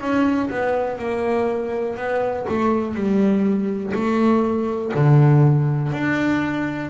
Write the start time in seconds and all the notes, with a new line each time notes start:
0.00 C#4
0.50 B3
0.98 A#3
1.96 B3
2.48 A3
2.94 G3
3.93 A3
4.94 D3
5.92 D4